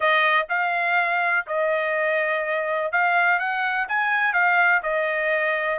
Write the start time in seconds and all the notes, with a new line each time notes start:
0.00 D#5
0.49 F5
1.46 D#5
2.91 F5
3.39 F#5
3.88 G#5
4.33 F5
4.82 D#5